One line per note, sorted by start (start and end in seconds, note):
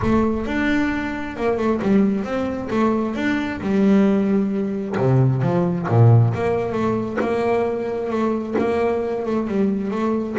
0.02 0.46 A3
0.46 1.36 D4
1.36 1.57 A#3
1.57 1.80 A3
1.81 2.23 G3
2.23 2.68 C4
2.70 3.15 A3
3.15 3.60 D4
3.60 4.96 G3
4.97 5.42 C3
5.42 5.87 F3
5.88 6.33 A#2
6.34 6.72 A#3
6.72 7.17 A3
7.20 8.10 A#3
8.10 8.55 A3
8.58 9.25 A#3
9.25 9.47 A3
9.47 9.90 G3
9.90 10.35 A3